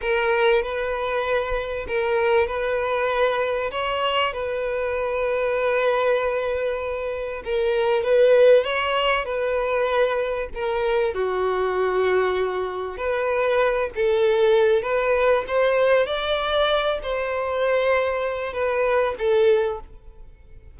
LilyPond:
\new Staff \with { instrumentName = "violin" } { \time 4/4 \tempo 4 = 97 ais'4 b'2 ais'4 | b'2 cis''4 b'4~ | b'1 | ais'4 b'4 cis''4 b'4~ |
b'4 ais'4 fis'2~ | fis'4 b'4. a'4. | b'4 c''4 d''4. c''8~ | c''2 b'4 a'4 | }